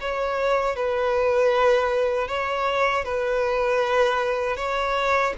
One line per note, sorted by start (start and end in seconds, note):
0.00 0.76 C#5
0.76 2.28 B4
2.28 3.04 C#5
3.04 4.56 B4
4.56 5.33 C#5